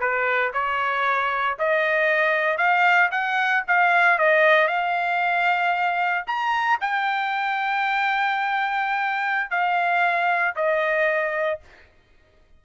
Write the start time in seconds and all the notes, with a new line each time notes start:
0.00 B4
0.53 C#5
1.59 D#5
2.58 F5
3.11 F#5
3.68 F5
4.18 D#5
4.68 F5
6.27 A#5
6.81 G5
9.50 F5
10.56 D#5